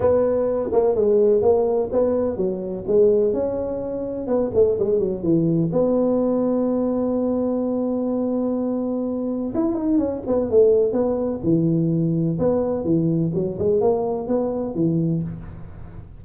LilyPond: \new Staff \with { instrumentName = "tuba" } { \time 4/4 \tempo 4 = 126 b4. ais8 gis4 ais4 | b4 fis4 gis4 cis'4~ | cis'4 b8 a8 gis8 fis8 e4 | b1~ |
b1 | e'8 dis'8 cis'8 b8 a4 b4 | e2 b4 e4 | fis8 gis8 ais4 b4 e4 | }